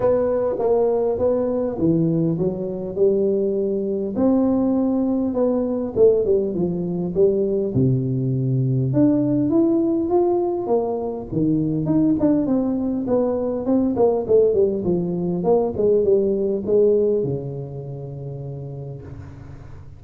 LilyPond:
\new Staff \with { instrumentName = "tuba" } { \time 4/4 \tempo 4 = 101 b4 ais4 b4 e4 | fis4 g2 c'4~ | c'4 b4 a8 g8 f4 | g4 c2 d'4 |
e'4 f'4 ais4 dis4 | dis'8 d'8 c'4 b4 c'8 ais8 | a8 g8 f4 ais8 gis8 g4 | gis4 cis2. | }